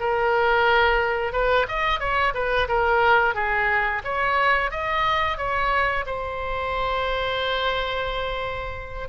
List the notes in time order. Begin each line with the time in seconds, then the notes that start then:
0.00 A#4
1.33 B4
1.69 D#5
2.00 C#5
2.34 B4
2.69 A#4
3.35 G#4
4.04 C#5
4.71 D#5
5.38 C#5
6.07 C5